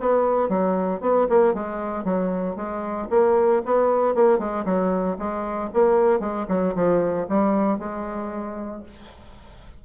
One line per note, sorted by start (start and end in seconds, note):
0.00 0.49 B3
0.49 1.01 F#3
1.01 1.27 B3
1.29 1.54 A#3
1.54 2.04 G#3
2.04 2.56 F#3
2.56 3.08 G#3
3.10 3.62 A#3
3.65 4.15 B3
4.15 4.39 A#3
4.39 4.65 G#3
4.65 5.17 F#3
5.18 5.70 G#3
5.73 6.20 A#3
6.20 6.46 G#3
6.48 6.74 F#3
6.75 7.27 F3
7.29 7.79 G3
7.79 8.83 G#3